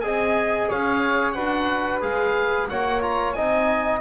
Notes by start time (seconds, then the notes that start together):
0.00 C4 G#4 D#5 G#5
0.69 C#4 C#5 F5
1.32 D4 F#4 B4 F#5
2.01 G#3 G#4 F5
2.68 A#3 F#4 C#5 F#5
3.01 F4 A#5
3.33 C4 D#4 D#5 G#5